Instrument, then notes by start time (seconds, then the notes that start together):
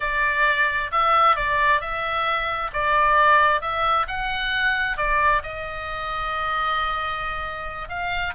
oboe
0.00 D5
0.91 E5
1.36 D5
1.80 E5
2.73 D5
3.61 E5
4.07 F#5
4.97 D5
5.43 D#5
7.88 F5